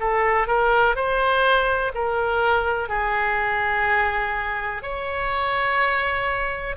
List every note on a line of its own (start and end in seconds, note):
0.00 0.48 A4
0.48 0.95 A#4
0.95 1.92 C5
1.94 2.89 A#4
2.89 4.83 G#4
4.83 6.76 C#5